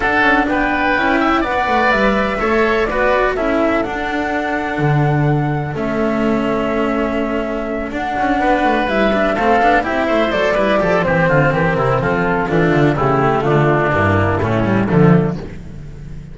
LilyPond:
<<
  \new Staff \with { instrumentName = "flute" } { \time 4/4 \tempo 4 = 125 fis''4 g''2 fis''4 | e''2 d''4 e''4 | fis''1 | e''1~ |
e''8 fis''2 e''4 f''8~ | f''8 e''4 d''4. c''4 | ais'4 a'4 f'4 g'4 | f'4 e'2 d'4 | }
  \new Staff \with { instrumentName = "oboe" } { \time 4/4 a'4 b'4. e''8 d''4~ | d''4 cis''4 b'4 a'4~ | a'1~ | a'1~ |
a'4. b'2 a'8~ | a'8 g'8 c''4 b'8 a'8 g'8 f'8 | g'8 e'8 f'4 a4 e'4 | d'2 cis'4 a4 | }
  \new Staff \with { instrumentName = "cello" } { \time 4/4 d'2 e'4 b'4~ | b'4 a'4 fis'4 e'4 | d'1 | cis'1~ |
cis'8 d'2 e'8 d'8 c'8 | d'8 e'4 a'8 e'8 g'8 c'4~ | c'2 d'4 a4~ | a4 ais4 a8 g8 f4 | }
  \new Staff \with { instrumentName = "double bass" } { \time 4/4 d'8 cis'8 b4 cis'4 b8 a8 | g4 a4 b4 cis'4 | d'2 d2 | a1~ |
a8 d'8 cis'8 b8 a8 g4 a8 | b8 c'8 a8 fis8 g8 f8 e8 d8 | e8 c8 f4 e8 d8 cis4 | d4 g,4 a,4 d4 | }
>>